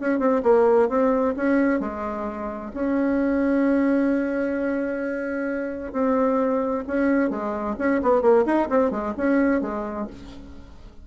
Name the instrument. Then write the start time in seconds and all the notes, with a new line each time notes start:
bassoon
0.00 C#4
0.20 C4
0.44 A#3
0.89 C4
1.37 C#4
1.80 G#3
2.75 C#4
5.93 C4
6.88 C#4
7.30 G#3
7.79 C#4
8.03 B3
8.22 A#3
8.46 D#4
8.70 C4
8.91 G#3
9.18 C#4
9.62 G#3